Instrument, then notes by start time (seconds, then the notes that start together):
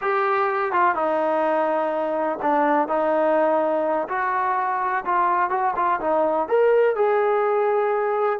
trombone
0.01 G4
0.72 F4
0.94 D#4
2.41 D4
2.88 D#4
4.08 F#4
5.05 F4
5.50 F#4
5.76 F4
6.00 D#4
6.48 A#4
6.95 G#4